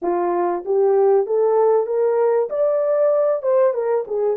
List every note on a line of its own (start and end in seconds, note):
0.01 0.64 F4
0.65 1.26 G4
1.26 1.86 A4
1.86 2.49 A#4
2.49 3.42 D5
3.42 3.73 C5
3.73 4.05 A#4
4.07 4.37 G#4